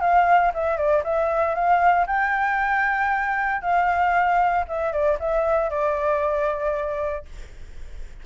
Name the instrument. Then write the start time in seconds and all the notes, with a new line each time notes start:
flute
0.00 F5
0.54 E5
0.77 D5
1.04 E5
1.54 F5
2.06 G5
3.61 F5
4.68 E5
4.92 D5
5.19 E5
5.70 D5